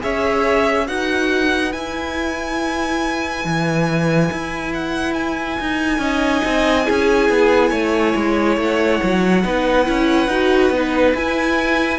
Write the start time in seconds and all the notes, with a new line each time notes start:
0.00 C#4 G#4 C#5 E5
0.87 D#4 F#4 B4 F#5
1.72 E4 G#5
3.45 E3
4.32 E4
4.74 F#5
5.14 G#5
5.61 D#4
5.99 C#4 D#4 D#5
6.45 C4
6.85 C#4 E4 G#4
7.30 B3
7.71 A3 C#5
8.16 G#3
8.57 A3 F#5
9.04 F#3
9.44 B3 D#4 B4
9.86 C#4 E4
10.28 D#4 F#4
10.70 B3 D#4
11.15 E4 G#5